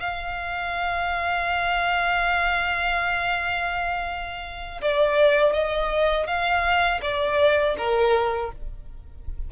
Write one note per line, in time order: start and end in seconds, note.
0.00 4.81 F5
4.82 5.53 D5
5.53 6.27 D#5
6.27 7.01 F5
7.02 7.76 D5
7.77 8.52 A#4